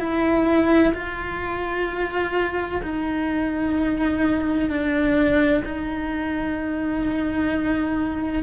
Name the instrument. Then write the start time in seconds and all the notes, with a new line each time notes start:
cello
0.00 E4
0.95 F4
2.83 D#4
4.70 D4
5.65 D#4